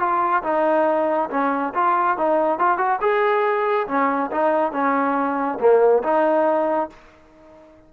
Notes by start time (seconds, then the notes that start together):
0.00 F4
0.43 D#4
1.31 C#4
1.74 F4
2.18 D#4
2.59 F4
2.78 F#4
3.01 G#4
3.88 C#4
4.32 D#4
4.72 C#4
5.60 A#3
6.04 D#4